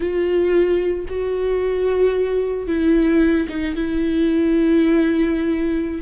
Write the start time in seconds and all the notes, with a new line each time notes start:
0.00 F4
1.08 F#4
2.67 E4
3.48 D#4
3.75 E4